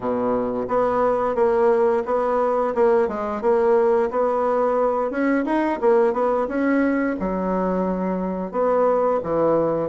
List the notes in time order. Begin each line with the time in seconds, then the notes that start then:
0.00 B2
0.68 B3
1.35 A#3
2.05 B3
2.75 A#3
3.07 G#3
3.41 A#3
4.10 B3
5.10 C#4
5.45 D#4
5.80 A#3
6.13 B3
6.48 C#4
7.19 F#3
8.51 B3
9.23 E3